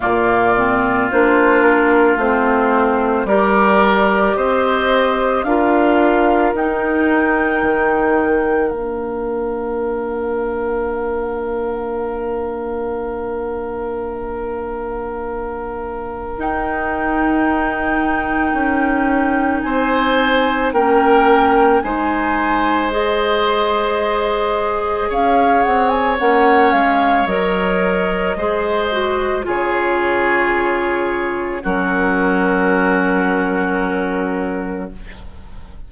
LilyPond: <<
  \new Staff \with { instrumentName = "flute" } { \time 4/4 \tempo 4 = 55 d''4 c''8 ais'8 c''4 d''4 | dis''4 f''4 g''2 | f''1~ | f''2. g''4~ |
g''2 gis''4 g''4 | gis''4 dis''2 f''8 fis''16 gis''16 | fis''8 f''8 dis''2 cis''4~ | cis''4 ais'2. | }
  \new Staff \with { instrumentName = "oboe" } { \time 4/4 f'2. ais'4 | c''4 ais'2.~ | ais'1~ | ais'1~ |
ais'2 c''4 ais'4 | c''2. cis''4~ | cis''2 c''4 gis'4~ | gis'4 fis'2. | }
  \new Staff \with { instrumentName = "clarinet" } { \time 4/4 ais8 c'8 d'4 c'4 g'4~ | g'4 f'4 dis'2 | d'1~ | d'2. dis'4~ |
dis'2. cis'4 | dis'4 gis'2. | cis'4 ais'4 gis'8 fis'8 f'4~ | f'4 cis'2. | }
  \new Staff \with { instrumentName = "bassoon" } { \time 4/4 ais,4 ais4 a4 g4 | c'4 d'4 dis'4 dis4 | ais1~ | ais2. dis'4~ |
dis'4 cis'4 c'4 ais4 | gis2. cis'8 c'8 | ais8 gis8 fis4 gis4 cis4~ | cis4 fis2. | }
>>